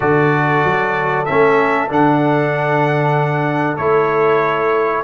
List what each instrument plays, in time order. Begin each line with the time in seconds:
0.00 tuba D3, trombone F#4, horn A4, trumpet D5
0.63 tuba F#3
1.25 tuba A3, trombone C#4, trumpet E5
1.88 tuba D3, trombone D4, trumpet F#5
3.76 tuba A3, trombone E4, trumpet C#5